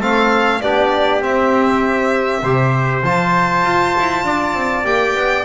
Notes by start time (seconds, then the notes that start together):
0.00 A3 C4 A4 F5
0.61 B3 D4 G4 D5
1.21 C4 E5
2.43 C3 G4 C5
3.04 F3 F4 A5
3.66 F4
3.99 E4
4.24 D4 D5
4.54 C4
4.84 A#3 G4 G5
5.15 B3